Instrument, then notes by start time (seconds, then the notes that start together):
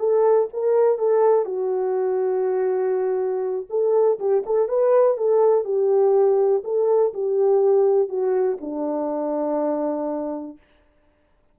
horn
0.00 A4
0.54 A#4
0.99 A4
1.46 F#4
3.70 A4
4.20 G4
4.46 A4
4.69 B4
5.18 A4
5.65 G4
6.65 A4
7.14 G4
8.09 F#4
8.61 D4